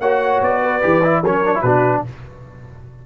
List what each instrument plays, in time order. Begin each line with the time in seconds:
0.00 tuba A#3, trombone F#4, horn C#5, trumpet F#5
0.41 tuba B3, trumpet D5
0.62 horn B4
0.82 tuba E3, trombone G4
1.04 trombone E4
1.23 tuba F#3, trombone C#4, horn A#4, trumpet C#5
1.45 trombone D4
1.55 trombone E4
1.62 tuba B2, trombone D4, horn F#4, trumpet B4